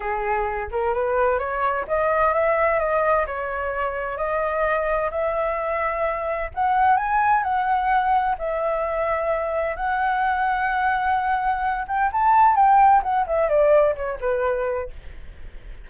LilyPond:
\new Staff \with { instrumentName = "flute" } { \time 4/4 \tempo 4 = 129 gis'4. ais'8 b'4 cis''4 | dis''4 e''4 dis''4 cis''4~ | cis''4 dis''2 e''4~ | e''2 fis''4 gis''4 |
fis''2 e''2~ | e''4 fis''2.~ | fis''4. g''8 a''4 g''4 | fis''8 e''8 d''4 cis''8 b'4. | }